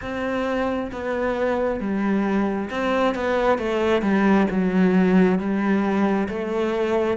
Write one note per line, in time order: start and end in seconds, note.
0.01 0.91 C4
0.92 1.80 B3
1.80 2.69 G3
2.70 3.14 C4
3.14 3.58 B3
3.58 4.01 A3
4.01 4.46 G3
4.50 5.38 F#3
5.38 6.28 G3
6.28 7.16 A3